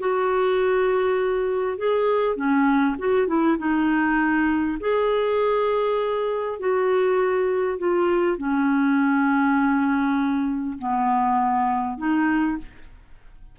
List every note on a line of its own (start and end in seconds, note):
0.00 1.78 F#4
1.78 2.36 G#4
2.36 2.96 C#4
2.99 3.28 F#4
3.28 3.58 E4
3.58 4.78 D#4
4.80 6.59 G#4
6.59 7.79 F#4
7.79 8.38 F4
8.38 10.78 C#4
10.79 11.98 B3
11.98 12.58 D#4